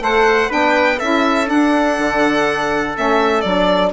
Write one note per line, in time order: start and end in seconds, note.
0.00 0.49 A3
0.00 0.48 A4
0.00 0.49 C5
0.00 0.51 F#5
0.48 1.01 B3
0.48 0.97 D4
0.48 0.98 B4
0.48 0.99 G5
0.98 1.49 C#4
0.98 1.45 E4
0.98 3.91 A4
0.98 1.48 E5
1.45 2.92 D4
1.45 1.98 D4
1.45 2.96 F#5
1.98 2.96 D3
2.95 3.44 A3
2.95 3.44 C#4
2.95 3.41 E5
3.41 3.92 F#3
3.41 3.92 D4
3.41 3.90 D5